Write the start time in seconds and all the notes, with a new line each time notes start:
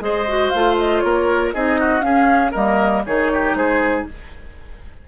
0.00 G#3 G#4 C5 D#5
0.28 F#4
0.50 A3 F4 F5
0.78 D#5
1.00 A#3 A#4 C#5
1.54 C4 D#4 G#4 D#5
1.80 F#4
2.01 C#4 G#4 F5
2.51 G3 A#3 A#4 D#5
3.06 D#3 D#4 G#4 C#5
3.33 G4
3.54 G#3 G#4 C5